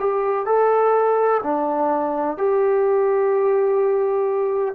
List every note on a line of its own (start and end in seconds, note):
0.00 0.46 G4
0.46 1.42 A4
1.43 2.38 D4
2.38 4.75 G4